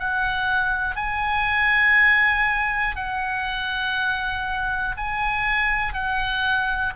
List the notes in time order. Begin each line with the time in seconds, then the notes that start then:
0.00 F#5
0.96 G#5
2.96 F#5
4.98 G#5
5.94 F#5